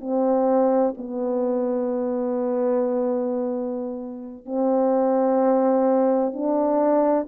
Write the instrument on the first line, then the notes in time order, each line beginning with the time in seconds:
horn
0.00 C4
0.97 B3
4.45 C4
6.33 D4